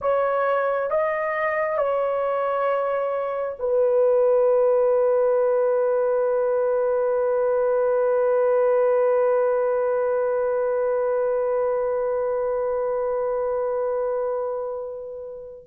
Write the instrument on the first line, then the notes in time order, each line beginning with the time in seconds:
horn
0.01 C#5
0.90 D#5
1.77 C#5
3.59 B4